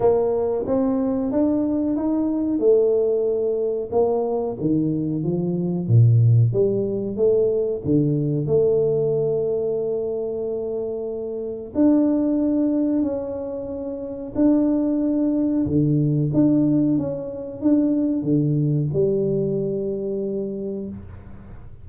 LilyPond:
\new Staff \with { instrumentName = "tuba" } { \time 4/4 \tempo 4 = 92 ais4 c'4 d'4 dis'4 | a2 ais4 dis4 | f4 ais,4 g4 a4 | d4 a2.~ |
a2 d'2 | cis'2 d'2 | d4 d'4 cis'4 d'4 | d4 g2. | }